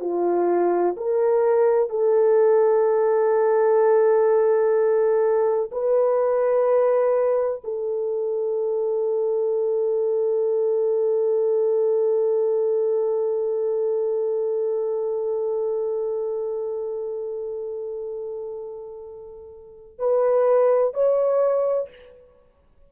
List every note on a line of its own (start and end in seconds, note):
0.00 0.95 F4
0.97 1.89 A#4
1.89 5.70 A4
5.71 7.62 B4
7.63 19.99 A4
19.99 20.94 B4
20.94 21.89 C#5